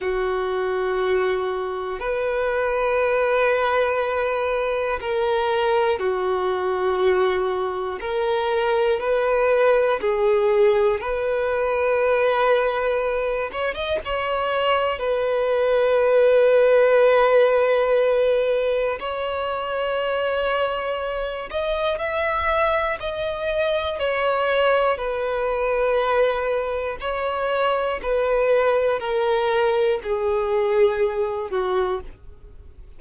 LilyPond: \new Staff \with { instrumentName = "violin" } { \time 4/4 \tempo 4 = 60 fis'2 b'2~ | b'4 ais'4 fis'2 | ais'4 b'4 gis'4 b'4~ | b'4. cis''16 dis''16 cis''4 b'4~ |
b'2. cis''4~ | cis''4. dis''8 e''4 dis''4 | cis''4 b'2 cis''4 | b'4 ais'4 gis'4. fis'8 | }